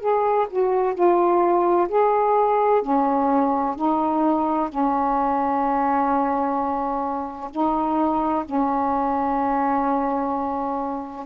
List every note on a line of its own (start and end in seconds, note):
0.00 0.47 G#4
0.50 0.94 F#4
0.94 1.88 F4
1.88 2.82 G#4
2.82 3.75 C#4
3.75 4.69 D#4
4.69 7.50 C#4
7.50 8.44 D#4
8.45 11.26 C#4